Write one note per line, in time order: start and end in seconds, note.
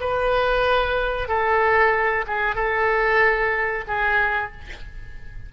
0.00 1.28 B4
1.28 2.25 A4
2.27 2.55 G#4
2.55 3.84 A4
3.87 4.52 G#4